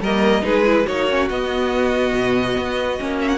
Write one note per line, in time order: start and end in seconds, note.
0.00 0.42 G3
0.00 0.44 A#4
0.00 0.45 D#5
0.06 0.42 A#3
0.42 0.87 G#3
0.42 0.63 D#4
0.42 0.86 G#4
0.42 0.87 B4
0.65 0.87 E4
0.86 1.30 A#3
0.86 1.09 D#4
0.86 3.39 F#4
0.86 1.29 C#5
1.09 1.30 C#4
1.29 2.14 B3
1.29 2.99 B3
1.29 3.19 D#5
2.14 2.56 B2
2.58 3.00 B3
2.99 3.39 A#3
2.99 3.39 C#4
3.21 3.29 E5
3.29 3.39 F#5